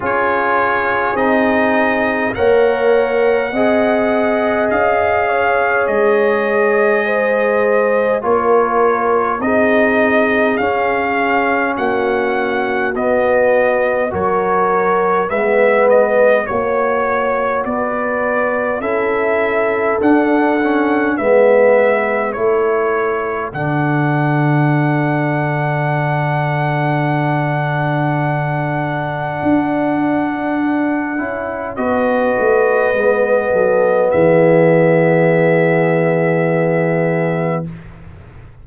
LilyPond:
<<
  \new Staff \with { instrumentName = "trumpet" } { \time 4/4 \tempo 4 = 51 cis''4 dis''4 fis''2 | f''4 dis''2 cis''4 | dis''4 f''4 fis''4 dis''4 | cis''4 e''8 dis''8 cis''4 d''4 |
e''4 fis''4 e''4 cis''4 | fis''1~ | fis''2. dis''4~ | dis''4 e''2. | }
  \new Staff \with { instrumentName = "horn" } { \time 4/4 gis'2 cis''4 dis''4~ | dis''8 cis''4. c''4 ais'4 | gis'2 fis'2 | ais'4 b'4 cis''4 b'4 |
a'2 b'4 a'4~ | a'1~ | a'2. b'4~ | b'8 a'8 gis'2. | }
  \new Staff \with { instrumentName = "trombone" } { \time 4/4 f'4 dis'4 ais'4 gis'4~ | gis'2. f'4 | dis'4 cis'2 b4 | fis'4 b4 fis'2 |
e'4 d'8 cis'8 b4 e'4 | d'1~ | d'2~ d'8 e'8 fis'4 | b1 | }
  \new Staff \with { instrumentName = "tuba" } { \time 4/4 cis'4 c'4 ais4 c'4 | cis'4 gis2 ais4 | c'4 cis'4 ais4 b4 | fis4 gis4 ais4 b4 |
cis'4 d'4 gis4 a4 | d1~ | d4 d'4. cis'8 b8 a8 | gis8 fis8 e2. | }
>>